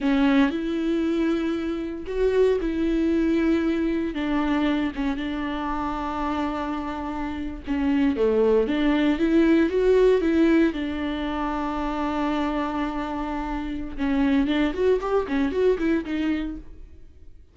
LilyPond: \new Staff \with { instrumentName = "viola" } { \time 4/4 \tempo 4 = 116 cis'4 e'2. | fis'4 e'2. | d'4. cis'8 d'2~ | d'2~ d'8. cis'4 a16~ |
a8. d'4 e'4 fis'4 e'16~ | e'8. d'2.~ d'16~ | d'2. cis'4 | d'8 fis'8 g'8 cis'8 fis'8 e'8 dis'4 | }